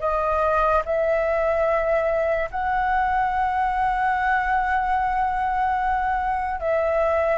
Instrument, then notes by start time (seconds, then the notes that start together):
flute
0.00 D#5
0.85 E5
2.51 F#5
6.60 E5